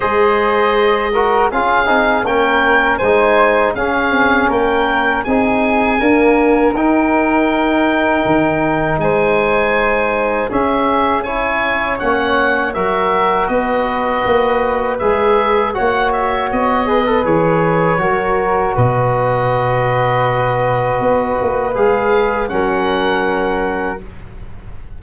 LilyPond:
<<
  \new Staff \with { instrumentName = "oboe" } { \time 4/4 \tempo 4 = 80 dis''2 f''4 g''4 | gis''4 f''4 g''4 gis''4~ | gis''4 g''2. | gis''2 e''4 gis''4 |
fis''4 e''4 dis''2 | e''4 fis''8 e''8 dis''4 cis''4~ | cis''4 dis''2.~ | dis''4 f''4 fis''2 | }
  \new Staff \with { instrumentName = "flute" } { \time 4/4 c''4. ais'8 gis'4 ais'4 | c''4 gis'4 ais'4 gis'4 | ais'1 | c''2 gis'4 cis''4~ |
cis''4 ais'4 b'2~ | b'4 cis''4. b'4. | ais'4 b'2.~ | b'2 ais'2 | }
  \new Staff \with { instrumentName = "trombone" } { \time 4/4 gis'4. fis'8 f'8 dis'8 cis'4 | dis'4 cis'2 dis'4 | ais4 dis'2.~ | dis'2 cis'4 e'4 |
cis'4 fis'2. | gis'4 fis'4. gis'16 a'16 gis'4 | fis'1~ | fis'4 gis'4 cis'2 | }
  \new Staff \with { instrumentName = "tuba" } { \time 4/4 gis2 cis'8 c'8 ais4 | gis4 cis'8 c'8 ais4 c'4 | d'4 dis'2 dis4 | gis2 cis'2 |
ais4 fis4 b4 ais4 | gis4 ais4 b4 e4 | fis4 b,2. | b8 ais8 gis4 fis2 | }
>>